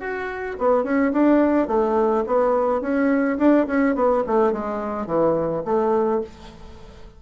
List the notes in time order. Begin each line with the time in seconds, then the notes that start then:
0.00 F#4
0.58 B3
0.84 C#4
1.12 D4
1.67 A3
2.26 B3
2.81 C#4
3.38 D4
3.67 C#4
3.95 B3
4.27 A3
4.52 G#3
5.06 E3
5.65 A3